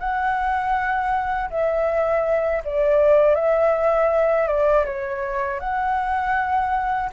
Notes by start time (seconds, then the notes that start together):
0.00 F#5
1.51 E5
2.65 D5
3.35 E5
4.48 D5
4.86 C#5
5.60 F#5